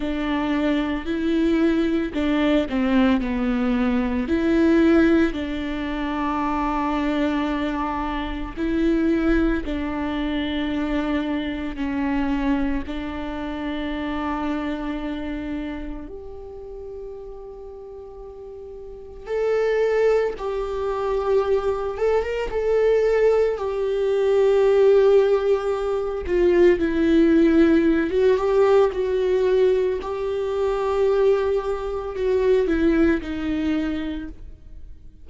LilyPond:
\new Staff \with { instrumentName = "viola" } { \time 4/4 \tempo 4 = 56 d'4 e'4 d'8 c'8 b4 | e'4 d'2. | e'4 d'2 cis'4 | d'2. g'4~ |
g'2 a'4 g'4~ | g'8 a'16 ais'16 a'4 g'2~ | g'8 f'8 e'4~ e'16 fis'16 g'8 fis'4 | g'2 fis'8 e'8 dis'4 | }